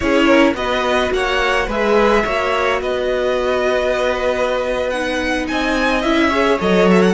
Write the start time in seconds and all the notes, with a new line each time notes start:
0.00 C#4 E4 G#4 C#5
0.26 A#4
0.54 B3 F#4 B4 D#5
1.11 A#3 C#5 F#5
1.66 G#3 G#4 B4 E5
2.25 A#3 F#4 C#5
2.81 B3 B4 D#5
4.89 D#4 F#5
5.47 C4 D#5 G#5
6.02 C#4 E4 E5
6.28 G#4 C#5
6.60 F#3 A4 D#5
6.90 E5
7.02 F#5